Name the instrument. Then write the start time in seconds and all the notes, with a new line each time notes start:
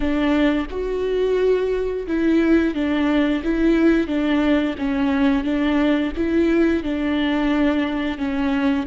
viola
0.00 D4
0.70 F#4
2.07 E4
2.74 D4
3.43 E4
4.07 D4
4.78 C#4
5.44 D4
6.16 E4
6.83 D4
8.18 C#4